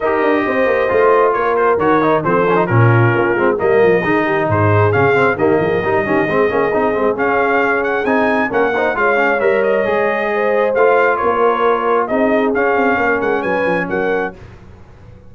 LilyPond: <<
  \new Staff \with { instrumentName = "trumpet" } { \time 4/4 \tempo 4 = 134 dis''2. cis''8 c''8 | cis''4 c''4 ais'2 | dis''2 c''4 f''4 | dis''1 |
f''4. fis''8 gis''4 fis''4 | f''4 e''8 dis''2~ dis''8 | f''4 cis''2 dis''4 | f''4. fis''8 gis''4 fis''4 | }
  \new Staff \with { instrumentName = "horn" } { \time 4/4 ais'4 c''2 ais'4~ | ais'4 a'4 f'2 | ais'4 gis'8 g'8 gis'2 | g'8 gis'8 ais'8 g'8 gis'2~ |
gis'2. ais'8 c''8 | cis''2. c''4~ | c''4 ais'2 gis'4~ | gis'4 ais'4 b'4 ais'4 | }
  \new Staff \with { instrumentName = "trombone" } { \time 4/4 g'2 f'2 | fis'8 dis'8 c'8 cis'16 dis'16 cis'4. c'8 | ais4 dis'2 cis'8 c'8 | ais4 dis'8 cis'8 c'8 cis'8 dis'8 c'8 |
cis'2 dis'4 cis'8 dis'8 | f'8 cis'8 ais'4 gis'2 | f'2. dis'4 | cis'1 | }
  \new Staff \with { instrumentName = "tuba" } { \time 4/4 dis'8 d'8 c'8 ais8 a4 ais4 | dis4 f4 ais,4 ais8 gis8 | g8 f8 dis4 gis,4 cis4 | dis8 f8 g8 dis8 gis8 ais8 c'8 gis8 |
cis'2 c'4 ais4 | gis4 g4 gis2 | a4 ais2 c'4 | cis'8 c'8 ais8 gis8 fis8 f8 fis4 | }
>>